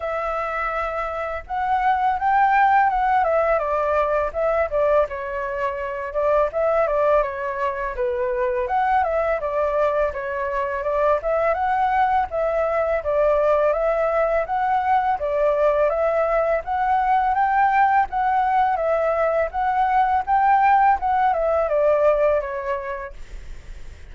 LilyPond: \new Staff \with { instrumentName = "flute" } { \time 4/4 \tempo 4 = 83 e''2 fis''4 g''4 | fis''8 e''8 d''4 e''8 d''8 cis''4~ | cis''8 d''8 e''8 d''8 cis''4 b'4 | fis''8 e''8 d''4 cis''4 d''8 e''8 |
fis''4 e''4 d''4 e''4 | fis''4 d''4 e''4 fis''4 | g''4 fis''4 e''4 fis''4 | g''4 fis''8 e''8 d''4 cis''4 | }